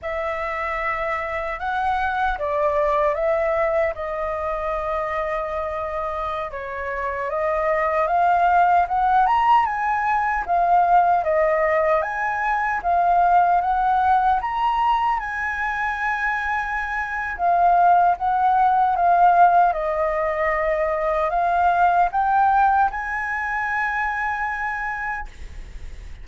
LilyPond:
\new Staff \with { instrumentName = "flute" } { \time 4/4 \tempo 4 = 76 e''2 fis''4 d''4 | e''4 dis''2.~ | dis''16 cis''4 dis''4 f''4 fis''8 ais''16~ | ais''16 gis''4 f''4 dis''4 gis''8.~ |
gis''16 f''4 fis''4 ais''4 gis''8.~ | gis''2 f''4 fis''4 | f''4 dis''2 f''4 | g''4 gis''2. | }